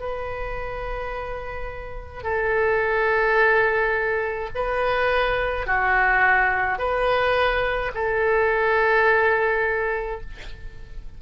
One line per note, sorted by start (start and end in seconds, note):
0.00 2.24 B4
2.24 4.50 A4
4.55 5.67 B4
5.67 6.79 F#4
6.79 7.92 B4
7.95 10.21 A4